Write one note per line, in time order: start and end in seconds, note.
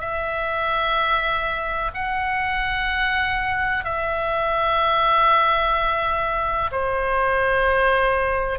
0.00 1.90 E5
1.94 3.84 F#5
3.84 6.70 E5
6.71 8.59 C5